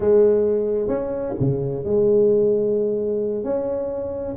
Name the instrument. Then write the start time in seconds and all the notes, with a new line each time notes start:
tuba
0.00 G#3
0.88 C#4
1.39 C#3
1.84 G#3
3.44 C#4